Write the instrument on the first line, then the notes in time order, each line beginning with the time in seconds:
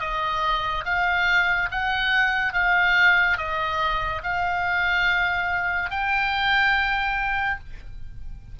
oboe
0.00 D#5
0.85 F5
1.71 F#5
2.53 F5
3.38 D#5
4.23 F5
5.90 G5